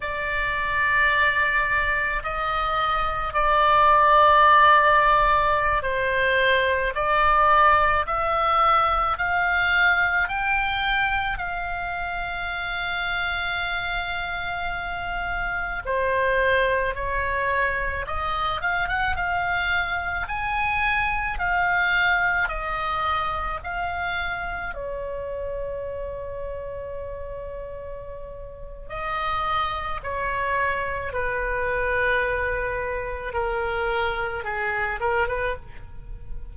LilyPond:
\new Staff \with { instrumentName = "oboe" } { \time 4/4 \tempo 4 = 54 d''2 dis''4 d''4~ | d''4~ d''16 c''4 d''4 e''8.~ | e''16 f''4 g''4 f''4.~ f''16~ | f''2~ f''16 c''4 cis''8.~ |
cis''16 dis''8 f''16 fis''16 f''4 gis''4 f''8.~ | f''16 dis''4 f''4 cis''4.~ cis''16~ | cis''2 dis''4 cis''4 | b'2 ais'4 gis'8 ais'16 b'16 | }